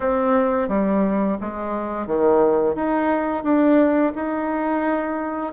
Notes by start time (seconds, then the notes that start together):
0.00 C4
0.68 G3
1.40 G#3
2.06 D#3
2.75 D#4
3.43 D4
4.15 D#4